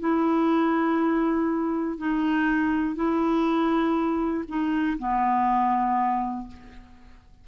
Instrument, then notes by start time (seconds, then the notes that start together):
clarinet
0.00 E4
1.98 D#4
2.95 E4
4.48 D#4
4.99 B3